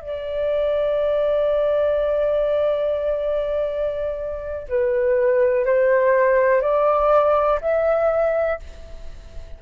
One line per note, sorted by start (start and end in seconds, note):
0.00 4.67 D5
4.69 5.65 B4
5.65 6.61 C5
6.61 7.60 D5
7.61 8.59 E5